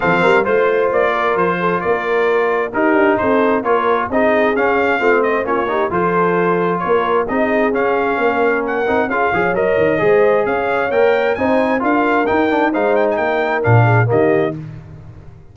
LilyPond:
<<
  \new Staff \with { instrumentName = "trumpet" } { \time 4/4 \tempo 4 = 132 f''4 c''4 d''4 c''4 | d''2 ais'4 c''4 | cis''4 dis''4 f''4. dis''8 | cis''4 c''2 cis''4 |
dis''4 f''2 fis''4 | f''4 dis''2 f''4 | g''4 gis''4 f''4 g''4 | f''8 g''16 gis''16 g''4 f''4 dis''4 | }
  \new Staff \with { instrumentName = "horn" } { \time 4/4 a'8 ais'8 c''4. ais'4 a'8 | ais'2 g'4 a'4 | ais'4 gis'2 f'8 c''8 | f'8 g'8 a'2 ais'4 |
gis'2 ais'2 | gis'8 cis''4. c''4 cis''4~ | cis''4 c''4 ais'2 | c''4 ais'4. gis'8 g'4 | }
  \new Staff \with { instrumentName = "trombone" } { \time 4/4 c'4 f'2.~ | f'2 dis'2 | f'4 dis'4 cis'4 c'4 | cis'8 dis'8 f'2. |
dis'4 cis'2~ cis'8 dis'8 | f'8 gis'8 ais'4 gis'2 | ais'4 dis'4 f'4 dis'8 d'8 | dis'2 d'4 ais4 | }
  \new Staff \with { instrumentName = "tuba" } { \time 4/4 f8 g8 a4 ais4 f4 | ais2 dis'8 d'8 c'4 | ais4 c'4 cis'4 a4 | ais4 f2 ais4 |
c'4 cis'4 ais4. c'8 | cis'8 f8 fis8 dis8 gis4 cis'4 | ais4 c'4 d'4 dis'4 | gis4 ais4 ais,4 dis4 | }
>>